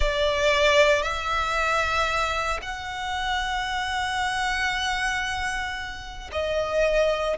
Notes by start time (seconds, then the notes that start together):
0.00 D5
1.02 E5
2.61 F#5
6.32 D#5